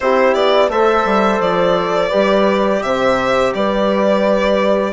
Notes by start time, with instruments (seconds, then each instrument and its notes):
0.00 bassoon C4, trombone E4, horn G4, violin C5
0.34 bassoon B3, violin D5
0.68 bassoon A3, trombone A4, horn C5, violin E5
1.04 bassoon G3
1.40 bassoon F3, violin D5
2.08 bassoon G3, trombone G4, horn B4
2.82 bassoon C3, horn C5, violin E5
3.54 bassoon G3, horn B4, violin D5